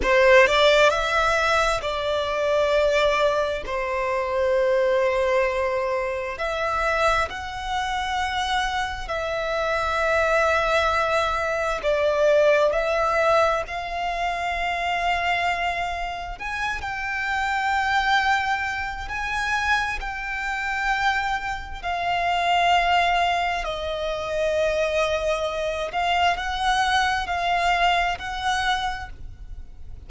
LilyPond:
\new Staff \with { instrumentName = "violin" } { \time 4/4 \tempo 4 = 66 c''8 d''8 e''4 d''2 | c''2. e''4 | fis''2 e''2~ | e''4 d''4 e''4 f''4~ |
f''2 gis''8 g''4.~ | g''4 gis''4 g''2 | f''2 dis''2~ | dis''8 f''8 fis''4 f''4 fis''4 | }